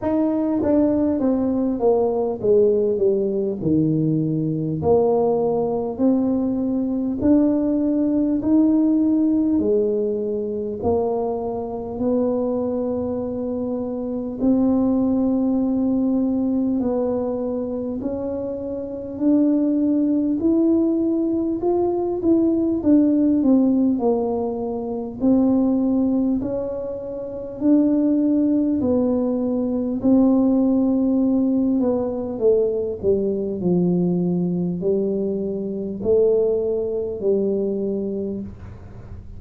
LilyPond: \new Staff \with { instrumentName = "tuba" } { \time 4/4 \tempo 4 = 50 dis'8 d'8 c'8 ais8 gis8 g8 dis4 | ais4 c'4 d'4 dis'4 | gis4 ais4 b2 | c'2 b4 cis'4 |
d'4 e'4 f'8 e'8 d'8 c'8 | ais4 c'4 cis'4 d'4 | b4 c'4. b8 a8 g8 | f4 g4 a4 g4 | }